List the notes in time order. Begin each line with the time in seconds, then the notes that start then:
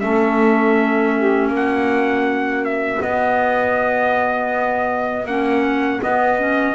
0.00 A3 C#4 A4 E5
1.17 G4
1.48 A#3 F#4
1.55 F#5
2.64 E5
2.99 B3 D#5
5.25 A#3 C#4 F#5
5.99 B3 D#5
6.38 C#4